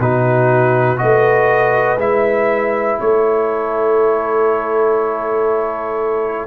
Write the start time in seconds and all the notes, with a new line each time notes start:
0.00 B2 D#4 F#4 B4
0.97 A3 F#4 B4 D#5
1.98 G#3 E4 E5
3.00 A3 A4 C#5